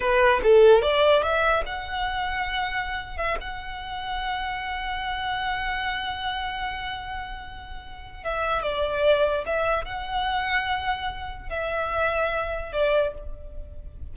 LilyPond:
\new Staff \with { instrumentName = "violin" } { \time 4/4 \tempo 4 = 146 b'4 a'4 d''4 e''4 | fis''2.~ fis''8. e''16~ | e''16 fis''2.~ fis''8.~ | fis''1~ |
fis''1 | e''4 d''2 e''4 | fis''1 | e''2. d''4 | }